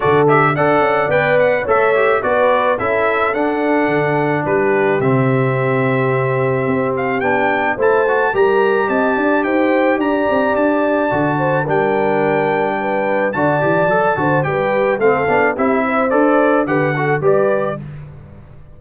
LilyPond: <<
  \new Staff \with { instrumentName = "trumpet" } { \time 4/4 \tempo 4 = 108 d''8 e''8 fis''4 g''8 fis''8 e''4 | d''4 e''4 fis''2 | b'4 e''2.~ | e''8 f''8 g''4 a''4 ais''4 |
a''4 g''4 ais''4 a''4~ | a''4 g''2. | a''2 g''4 f''4 | e''4 d''4 fis''4 d''4 | }
  \new Staff \with { instrumentName = "horn" } { \time 4/4 a'4 d''2 cis''4 | b'4 a'2. | g'1~ | g'2 c''4 ais'4 |
dis''8 d''8 c''4 d''2~ | d''8 c''8 ais'2 b'4 | d''4. c''8 b'4 a'4 | g'8 c''4. b'8 a'8 b'4 | }
  \new Staff \with { instrumentName = "trombone" } { \time 4/4 fis'8 g'8 a'4 b'4 a'8 g'8 | fis'4 e'4 d'2~ | d'4 c'2.~ | c'4 d'4 e'8 fis'8 g'4~ |
g'1 | fis'4 d'2. | fis'8 g'8 a'8 fis'8 g'4 c'8 d'8 | e'4 a'4 g'8 fis'8 g'4 | }
  \new Staff \with { instrumentName = "tuba" } { \time 4/4 d4 d'8 cis'8 b4 a4 | b4 cis'4 d'4 d4 | g4 c2. | c'4 b4 a4 g4 |
c'8 d'8 dis'4 d'8 c'8 d'4 | d4 g2. | d8 e8 fis8 d8 g4 a8 b8 | c'4 d'4 d4 g4 | }
>>